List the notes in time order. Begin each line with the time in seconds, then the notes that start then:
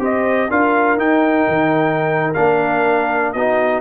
0.00 C4 G4 C5 D#5
0.50 D4 F4 A#4 F5
0.97 D#4 G5
1.48 D#3
2.34 A#3 D4 F5
3.33 B3 D#4 F#4 D#5